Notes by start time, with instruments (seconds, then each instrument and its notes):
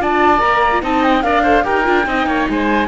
0.00 cello D4, viola F4, oboe D5, flute A5
0.39 cello A#3, viola A#4, flute A#5
0.72 viola F4
0.82 cello C4, viola D#4, oboe D#5, flute A5
1.03 flute G5
1.23 cello D4, viola A#4, oboe D5, flute F5
1.43 viola A4, oboe C5
1.64 cello D#4, viola G4, oboe A#4, flute G5
1.84 cello D4, viola F4
2.06 cello C4, viola D#4, oboe D#5
2.26 cello A#3, oboe C#5
2.49 cello G#3, oboe C5, flute G#5